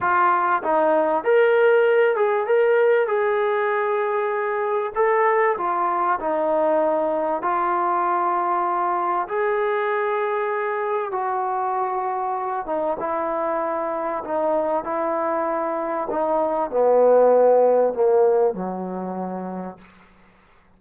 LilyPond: \new Staff \with { instrumentName = "trombone" } { \time 4/4 \tempo 4 = 97 f'4 dis'4 ais'4. gis'8 | ais'4 gis'2. | a'4 f'4 dis'2 | f'2. gis'4~ |
gis'2 fis'2~ | fis'8 dis'8 e'2 dis'4 | e'2 dis'4 b4~ | b4 ais4 fis2 | }